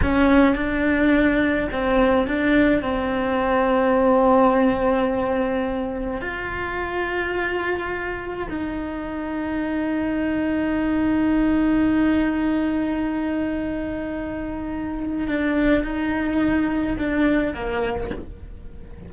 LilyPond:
\new Staff \with { instrumentName = "cello" } { \time 4/4 \tempo 4 = 106 cis'4 d'2 c'4 | d'4 c'2.~ | c'2. f'4~ | f'2. dis'4~ |
dis'1~ | dis'1~ | dis'2. d'4 | dis'2 d'4 ais4 | }